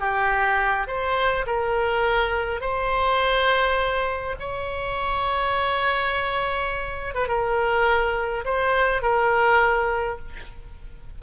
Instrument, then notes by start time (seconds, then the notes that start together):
oboe
0.00 G4
0.87 C5
1.46 A#4
2.61 C5
4.40 C#5
7.15 B4
7.28 A#4
8.45 C5
9.02 A#4